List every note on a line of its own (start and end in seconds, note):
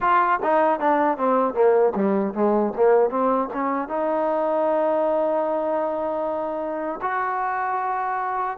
0.00 0.39 F4
0.42 0.79 D#4
0.79 1.17 D4
1.17 1.54 C4
1.54 1.93 A#3
1.95 2.34 G3
2.34 2.73 G#3
2.76 3.10 A#3
3.10 3.49 C4
3.53 3.88 C#4
3.88 7.00 D#4
7.01 8.57 F#4